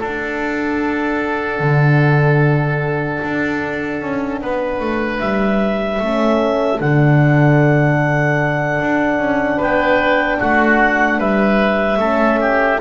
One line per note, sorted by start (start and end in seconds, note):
0.00 6.01 D4
0.00 1.60 D4
0.00 4.40 A4
0.00 5.20 F#5
1.60 3.20 D3
3.24 4.02 D4
4.02 4.42 C#4
4.42 4.81 B3
4.42 6.03 B4
4.81 5.21 A3
5.20 6.00 G3
5.20 6.80 E5
6.00 6.80 A3
6.00 6.80 C#4
6.00 9.57 A4
6.80 8.81 D3
6.80 12.00 D4
6.80 9.61 F#5
8.81 9.19 D4
9.19 9.59 C#4
9.57 10.40 B3
9.57 10.37 B4
9.57 10.40 G5
10.40 11.19 A3
10.40 11.19 F#4
10.40 11.20 F#5
11.19 11.98 G3
11.19 11.99 B4
11.19 12.80 E5
11.98 12.78 A3
11.98 12.80 C#4
11.98 12.40 A4
12.41 12.81 G4